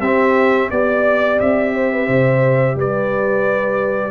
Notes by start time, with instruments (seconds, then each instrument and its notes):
0.00 tuba C4, trombone C4, horn G4, trumpet E5
0.71 tuba B3, trombone G4, trumpet D5, horn D5
1.40 tuba C4, trumpet E5
1.75 horn C5
1.92 horn B4
2.07 tuba C3, horn C5
2.75 tuba G3, horn B4, trumpet D5